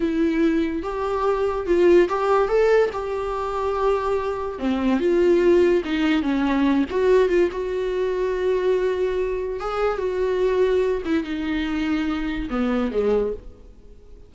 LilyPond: \new Staff \with { instrumentName = "viola" } { \time 4/4 \tempo 4 = 144 e'2 g'2 | f'4 g'4 a'4 g'4~ | g'2. c'4 | f'2 dis'4 cis'4~ |
cis'8 fis'4 f'8 fis'2~ | fis'2. gis'4 | fis'2~ fis'8 e'8 dis'4~ | dis'2 b4 gis4 | }